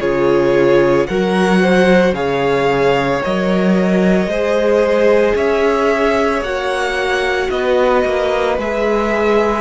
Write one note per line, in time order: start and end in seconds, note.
0.00 1.07 C#3
0.00 1.08 F4
0.00 1.08 G#4
0.00 1.06 C#5
1.06 2.12 F#3
1.06 2.14 F#4
1.06 1.61 A#4
1.06 2.14 F#5
1.61 2.15 C5
2.12 3.19 C#3
2.12 3.21 G#4
2.12 4.29 C#5
2.12 3.21 F5
3.24 4.26 F#3
3.24 4.31 A#4
3.24 5.36 D#5
4.26 5.33 G#3
4.26 6.43 G#4
4.26 5.35 C5
5.35 6.41 C#4
5.35 7.50 C#5
5.35 6.43 E5
6.41 7.48 A#3
6.41 8.58 F#4
6.41 7.50 F#5
7.50 8.04 B3
7.50 9.61 B4
7.50 8.57 D#5
8.05 8.58 A#3
8.58 9.61 G#3
8.58 9.61 G#4
8.58 9.61 E5